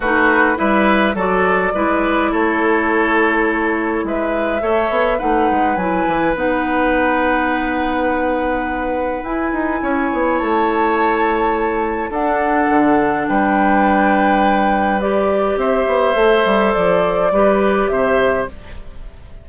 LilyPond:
<<
  \new Staff \with { instrumentName = "flute" } { \time 4/4 \tempo 4 = 104 b'4 e''4 d''2 | cis''2. e''4~ | e''4 fis''4 gis''4 fis''4~ | fis''1 |
gis''2 a''2~ | a''4 fis''2 g''4~ | g''2 d''4 e''4~ | e''4 d''2 e''4 | }
  \new Staff \with { instrumentName = "oboe" } { \time 4/4 fis'4 b'4 a'4 b'4 | a'2. b'4 | cis''4 b'2.~ | b'1~ |
b'4 cis''2.~ | cis''4 a'2 b'4~ | b'2. c''4~ | c''2 b'4 c''4 | }
  \new Staff \with { instrumentName = "clarinet" } { \time 4/4 dis'4 e'4 fis'4 e'4~ | e'1 | a'4 dis'4 e'4 dis'4~ | dis'1 |
e'1~ | e'4 d'2.~ | d'2 g'2 | a'2 g'2 | }
  \new Staff \with { instrumentName = "bassoon" } { \time 4/4 a4 g4 fis4 gis4 | a2. gis4 | a8 b8 a8 gis8 fis8 e8 b4~ | b1 |
e'8 dis'8 cis'8 b8 a2~ | a4 d'4 d4 g4~ | g2. c'8 b8 | a8 g8 f4 g4 c4 | }
>>